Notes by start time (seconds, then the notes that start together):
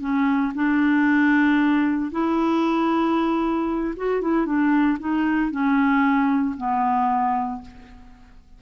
0.00 C#4
0.54 D4
2.11 E4
3.96 F#4
4.21 E4
4.45 D4
4.99 D#4
5.51 C#4
6.57 B3